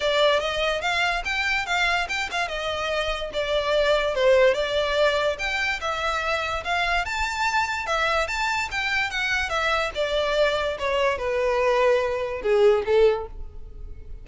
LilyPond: \new Staff \with { instrumentName = "violin" } { \time 4/4 \tempo 4 = 145 d''4 dis''4 f''4 g''4 | f''4 g''8 f''8 dis''2 | d''2 c''4 d''4~ | d''4 g''4 e''2 |
f''4 a''2 e''4 | a''4 g''4 fis''4 e''4 | d''2 cis''4 b'4~ | b'2 gis'4 a'4 | }